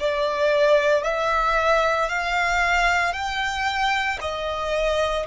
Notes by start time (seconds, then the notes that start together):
0.00 D5
1.04 E5
2.10 F5
3.13 G5
4.22 D#5